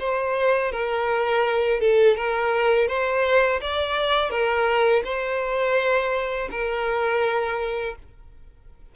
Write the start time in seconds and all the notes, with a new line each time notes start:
0.00 C5
0.72 A#4
1.81 A4
2.17 A#4
2.88 C5
3.61 D5
4.31 A#4
5.05 C5
6.52 A#4